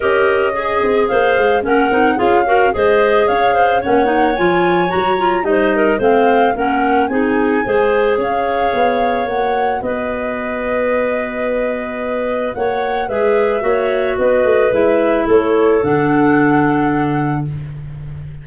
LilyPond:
<<
  \new Staff \with { instrumentName = "flute" } { \time 4/4 \tempo 4 = 110 dis''2 f''4 fis''4 | f''4 dis''4 f''4 fis''4 | gis''4 ais''4 dis''4 f''4 | fis''4 gis''2 f''4~ |
f''4 fis''4 dis''2~ | dis''2. fis''4 | e''2 dis''4 e''4 | cis''4 fis''2. | }
  \new Staff \with { instrumentName = "clarinet" } { \time 4/4 ais'4 gis'4 c''4 ais'4 | gis'8 ais'8 c''4 cis''8 c''8 cis''4~ | cis''2 c''8 ais'8 c''4 | ais'4 gis'4 c''4 cis''4~ |
cis''2 b'2~ | b'2. cis''4 | b'4 cis''4 b'2 | a'1 | }
  \new Staff \with { instrumentName = "clarinet" } { \time 4/4 g'4 gis'2 cis'8 dis'8 | f'8 fis'8 gis'2 cis'8 dis'8 | f'4 fis'8 f'8 dis'4 c'4 | cis'4 dis'4 gis'2~ |
gis'4 fis'2.~ | fis'1 | gis'4 fis'2 e'4~ | e'4 d'2. | }
  \new Staff \with { instrumentName = "tuba" } { \time 4/4 cis'4. c'8 ais8 gis8 ais8 c'8 | cis'4 gis4 cis'4 ais4 | f4 fis4 g4 a4 | ais4 c'4 gis4 cis'4 |
b4 ais4 b2~ | b2. ais4 | gis4 ais4 b8 a8 gis4 | a4 d2. | }
>>